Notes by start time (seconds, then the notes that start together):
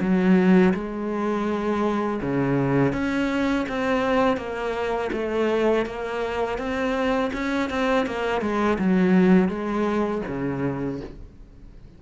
0.00 F#3
0.74 G#3
2.21 C#3
2.92 C#4
3.68 C4
4.37 A#3
5.12 A3
5.86 A#3
6.58 C4
7.33 C#4
7.69 C4
8.06 A#3
8.41 G#3
8.78 F#3
9.49 G#3
10.27 C#3